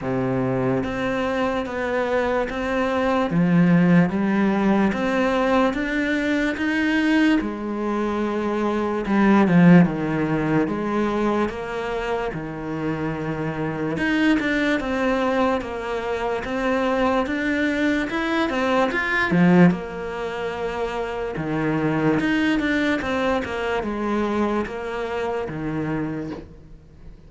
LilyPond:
\new Staff \with { instrumentName = "cello" } { \time 4/4 \tempo 4 = 73 c4 c'4 b4 c'4 | f4 g4 c'4 d'4 | dis'4 gis2 g8 f8 | dis4 gis4 ais4 dis4~ |
dis4 dis'8 d'8 c'4 ais4 | c'4 d'4 e'8 c'8 f'8 f8 | ais2 dis4 dis'8 d'8 | c'8 ais8 gis4 ais4 dis4 | }